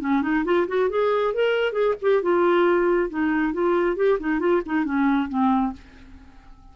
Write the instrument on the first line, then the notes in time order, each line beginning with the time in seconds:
clarinet
0.00 C#4
0.22 D#4
0.45 F4
0.67 F#4
0.89 G#4
1.34 A#4
1.72 G#4
2.01 G4
2.22 F4
3.09 D#4
3.53 F4
3.96 G4
4.19 D#4
4.39 F4
4.65 D#4
4.85 C#4
5.28 C4